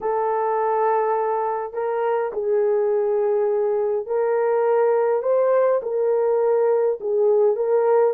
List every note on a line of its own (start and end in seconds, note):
0.00 1.73 A4
1.73 2.31 A#4
2.32 4.06 G#4
4.06 5.22 A#4
5.22 5.80 C5
5.82 6.99 A#4
7.00 7.56 G#4
7.56 8.14 A#4